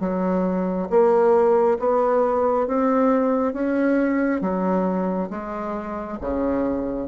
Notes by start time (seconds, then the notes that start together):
0.00 F#3
0.90 A#3
1.79 B3
2.68 C4
3.53 C#4
4.42 F#3
5.30 G#3
6.21 C#3